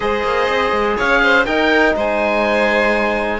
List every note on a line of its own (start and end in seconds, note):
0.00 0.23 G#3
0.00 1.45 G#4
0.00 0.97 C5
0.00 0.97 D#5
0.23 0.47 A#3
0.49 0.71 C4
0.71 0.96 G#3
0.97 1.46 C#4
0.97 1.21 C#5
0.97 1.45 F5
1.23 1.45 C5
1.45 1.95 D#4
1.45 3.39 D#4
1.45 1.94 A#4
1.45 1.94 G5
1.95 3.39 G#3
1.95 3.39 C5
1.95 3.39 G#5